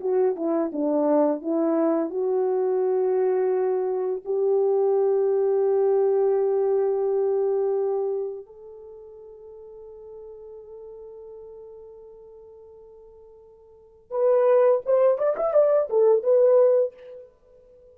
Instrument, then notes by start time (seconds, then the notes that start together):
horn
0.00 F#4
0.36 E4
0.72 D4
1.41 E4
2.10 F#4
4.24 G4
8.46 A4
14.11 B4
14.86 C5
15.18 D5
15.36 E5
15.53 D5
15.90 A4
16.23 B4